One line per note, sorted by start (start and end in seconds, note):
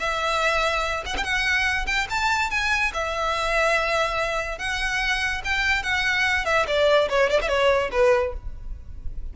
0.00 1.04 E5
1.06 1.16 F#5
1.17 1.24 G5
1.24 1.86 F#5
1.87 2.07 G5
2.10 2.51 A5
2.51 2.92 G#5
2.94 4.58 E5
4.58 5.42 F#5
5.45 5.83 G5
5.83 6.45 F#5
6.45 6.66 E5
6.67 7.09 D5
7.09 7.30 C#5
7.30 7.41 D5
7.42 7.49 E5
7.49 7.90 C#5
7.92 8.34 B4